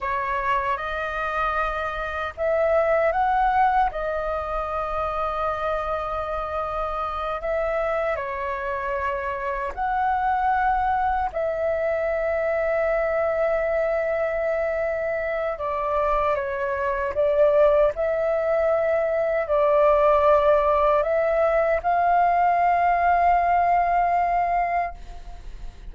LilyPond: \new Staff \with { instrumentName = "flute" } { \time 4/4 \tempo 4 = 77 cis''4 dis''2 e''4 | fis''4 dis''2.~ | dis''4. e''4 cis''4.~ | cis''8 fis''2 e''4.~ |
e''1 | d''4 cis''4 d''4 e''4~ | e''4 d''2 e''4 | f''1 | }